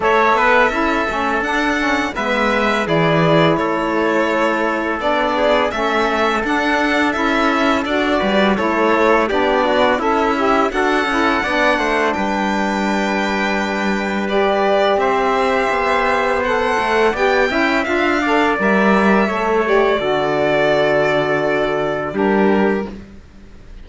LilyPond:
<<
  \new Staff \with { instrumentName = "violin" } { \time 4/4 \tempo 4 = 84 e''2 fis''4 e''4 | d''4 cis''2 d''4 | e''4 fis''4 e''4 d''4 | cis''4 d''4 e''4 fis''4~ |
fis''4 g''2. | d''4 e''2 fis''4 | g''4 f''4 e''4. d''8~ | d''2. ais'4 | }
  \new Staff \with { instrumentName = "trumpet" } { \time 4/4 cis''8 b'8 a'2 b'4 | gis'4 a'2~ a'8 gis'8 | a'2.~ a'8 b'8 | a'4 g'8 fis'8 e'4 a'4 |
d''8 c''8 b'2.~ | b'4 c''2. | d''8 e''4 d''4. cis''4 | a'2. g'4 | }
  \new Staff \with { instrumentName = "saxophone" } { \time 4/4 a'4 e'8 cis'8 d'8 cis'8 b4 | e'2. d'4 | cis'4 d'4 e'4 fis'4 | e'4 d'4 a'8 g'8 fis'8 e'8 |
d'1 | g'2. a'4 | g'8 e'8 f'8 a'8 ais'4 a'8 g'8 | fis'2. d'4 | }
  \new Staff \with { instrumentName = "cello" } { \time 4/4 a8 b8 cis'8 a8 d'4 gis4 | e4 a2 b4 | a4 d'4 cis'4 d'8 g8 | a4 b4 cis'4 d'8 cis'8 |
b8 a8 g2.~ | g4 c'4 b4. a8 | b8 cis'8 d'4 g4 a4 | d2. g4 | }
>>